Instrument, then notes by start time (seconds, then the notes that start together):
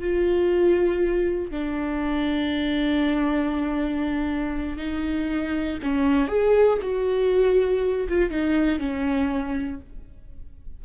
viola
0.00 F4
1.51 D4
4.78 D#4
5.83 C#4
6.28 G#4
6.82 F#4
8.09 F4
8.31 D#4
8.80 C#4